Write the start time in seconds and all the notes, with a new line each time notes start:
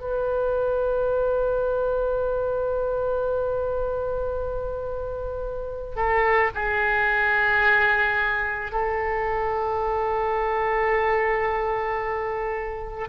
0.00 B4
5.96 A4
6.55 G#4
8.72 A4